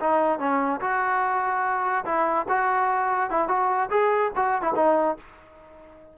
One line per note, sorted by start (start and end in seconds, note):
0.00 0.39 D#4
0.39 0.80 C#4
0.80 2.04 F#4
2.05 2.46 E4
2.48 3.30 F#4
3.30 3.48 E4
3.48 3.89 F#4
3.90 4.31 G#4
4.36 4.62 F#4
4.62 4.72 E4
4.75 5.16 D#4